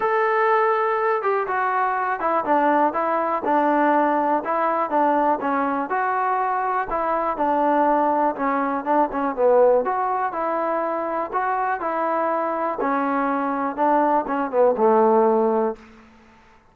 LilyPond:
\new Staff \with { instrumentName = "trombone" } { \time 4/4 \tempo 4 = 122 a'2~ a'8 g'8 fis'4~ | fis'8 e'8 d'4 e'4 d'4~ | d'4 e'4 d'4 cis'4 | fis'2 e'4 d'4~ |
d'4 cis'4 d'8 cis'8 b4 | fis'4 e'2 fis'4 | e'2 cis'2 | d'4 cis'8 b8 a2 | }